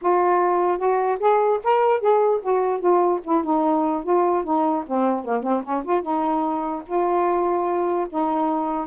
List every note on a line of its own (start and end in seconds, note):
0.01 0.78 F4
0.78 1.18 F#4
1.19 1.60 G#4
1.63 2.00 A#4
2.00 2.40 G#4
2.41 2.79 F#4
2.79 3.20 F4
3.24 3.44 E4
3.44 4.03 D#4
4.03 4.43 F4
4.44 4.84 D#4
4.87 5.24 C4
5.24 5.42 A#3
5.42 5.62 C4
5.63 5.83 C#4
5.84 6.02 F4
6.02 6.82 D#4
6.86 8.07 F4
8.09 8.87 D#4